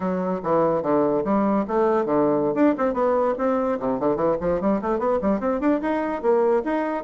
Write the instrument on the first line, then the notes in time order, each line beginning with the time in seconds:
bassoon
0.00 F#3
0.43 E3
0.82 D3
1.24 G3
1.67 A3
2.05 D3
2.54 D4
2.77 C4
2.93 B3
3.38 C4
3.79 C3
3.99 D3
4.16 E3
4.40 F3
4.60 G3
4.81 A3
4.98 B3
5.21 G3
5.40 C4
5.60 D4
5.81 D#4
6.22 A#3
6.64 D#4